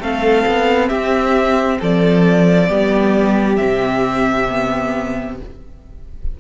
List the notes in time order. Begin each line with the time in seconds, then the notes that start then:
0.00 A3 C4 A4 F5
0.47 B3
0.88 C4 G4 E5
1.80 F3 A4 D5
2.68 G3 B3 G4
3.57 C3 C4 E5
4.50 B3